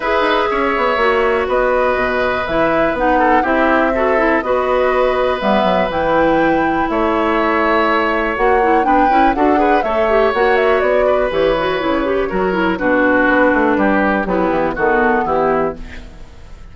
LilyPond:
<<
  \new Staff \with { instrumentName = "flute" } { \time 4/4 \tempo 4 = 122 e''2. dis''4~ | dis''4 e''4 fis''4 e''4~ | e''4 dis''2 e''4 | g''2 e''2~ |
e''4 fis''4 g''4 fis''4 | e''4 fis''8 e''8 d''4 cis''4~ | cis''2 b'2~ | b'4 g'4 a'4 g'4 | }
  \new Staff \with { instrumentName = "oboe" } { \time 4/4 b'4 cis''2 b'4~ | b'2~ b'8 a'8 g'4 | a'4 b'2.~ | b'2 cis''2~ |
cis''2 b'4 a'8 b'8 | cis''2~ cis''8 b'4.~ | b'4 ais'4 fis'2 | g'4 b4 fis'4 e'4 | }
  \new Staff \with { instrumentName = "clarinet" } { \time 4/4 gis'2 fis'2~ | fis'4 e'4 dis'4 e'4 | fis'8 e'8 fis'2 b4 | e'1~ |
e'4 fis'8 e'8 d'8 e'8 fis'8 gis'8 | a'8 g'8 fis'2 g'8 fis'8 | e'8 g'8 fis'8 e'8 d'2~ | d'4 e'4 b2 | }
  \new Staff \with { instrumentName = "bassoon" } { \time 4/4 e'8 dis'8 cis'8 b8 ais4 b4 | b,4 e4 b4 c'4~ | c'4 b2 g8 fis8 | e2 a2~ |
a4 ais4 b8 cis'8 d'4 | a4 ais4 b4 e4 | cis4 fis4 b,4 b8 a8 | g4 fis8 e8 dis4 e4 | }
>>